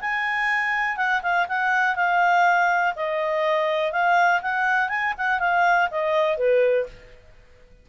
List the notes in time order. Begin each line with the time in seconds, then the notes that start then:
0.00 G#5
0.97 F#5
1.22 F5
1.48 F#5
1.95 F5
2.95 D#5
3.92 F5
4.42 F#5
4.89 G#5
5.17 F#5
5.39 F5
5.90 D#5
6.37 B4